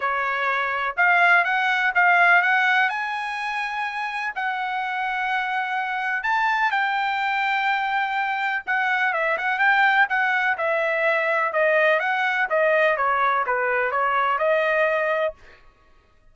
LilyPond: \new Staff \with { instrumentName = "trumpet" } { \time 4/4 \tempo 4 = 125 cis''2 f''4 fis''4 | f''4 fis''4 gis''2~ | gis''4 fis''2.~ | fis''4 a''4 g''2~ |
g''2 fis''4 e''8 fis''8 | g''4 fis''4 e''2 | dis''4 fis''4 dis''4 cis''4 | b'4 cis''4 dis''2 | }